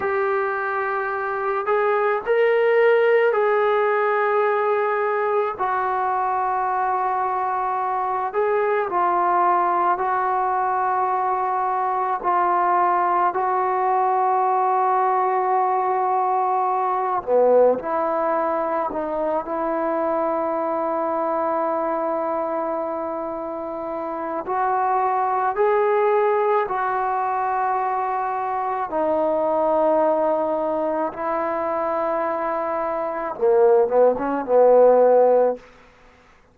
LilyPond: \new Staff \with { instrumentName = "trombone" } { \time 4/4 \tempo 4 = 54 g'4. gis'8 ais'4 gis'4~ | gis'4 fis'2~ fis'8 gis'8 | f'4 fis'2 f'4 | fis'2.~ fis'8 b8 |
e'4 dis'8 e'2~ e'8~ | e'2 fis'4 gis'4 | fis'2 dis'2 | e'2 ais8 b16 cis'16 b4 | }